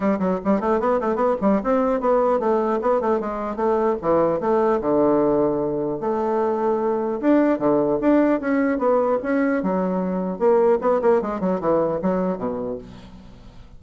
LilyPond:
\new Staff \with { instrumentName = "bassoon" } { \time 4/4 \tempo 4 = 150 g8 fis8 g8 a8 b8 a8 b8 g8 | c'4 b4 a4 b8 a8 | gis4 a4 e4 a4 | d2. a4~ |
a2 d'4 d4 | d'4 cis'4 b4 cis'4 | fis2 ais4 b8 ais8 | gis8 fis8 e4 fis4 b,4 | }